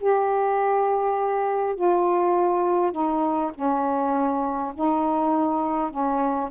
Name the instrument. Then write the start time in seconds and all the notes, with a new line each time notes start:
saxophone
0.00 G4
1.75 F4
2.92 D#4
3.54 C#4
4.74 D#4
5.90 C#4